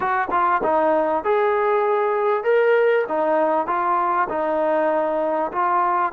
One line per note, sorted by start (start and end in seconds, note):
0.00 0.28 F#4
0.31 0.61 F4
0.63 1.24 D#4
1.24 2.43 G#4
2.43 3.04 A#4
3.08 3.66 D#4
3.66 4.27 F4
4.29 5.51 D#4
5.52 6.12 F4